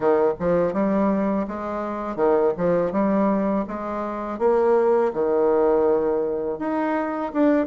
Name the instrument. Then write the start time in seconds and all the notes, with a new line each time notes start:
bassoon
0.00 D#3
0.39 F3
0.73 G3
1.47 G#3
2.16 D#3
2.57 F3
2.91 G3
3.67 G#3
4.38 A#3
5.13 D#3
6.58 D#4
7.33 D4